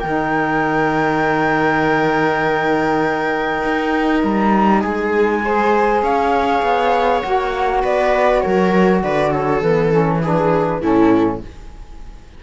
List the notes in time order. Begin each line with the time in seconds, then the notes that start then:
0.00 D#3 D#4 A#4 G5
3.64 D#4
4.23 G3 A#5
4.81 G#3 G#4 G#5
5.44 G#4 C5
6.02 C#4 C#5 F5
6.63 B3
7.21 A#3 F#4 F#5
7.82 B3 B4 D5
8.41 F#3 A#4 C#5
9.03 D3 B4 D5
9.30 A4 C#5
9.62 E3 B3 B4
9.91 C#4 A4
10.22 D4 G#4 B4
10.81 A2 C#4 E4 A4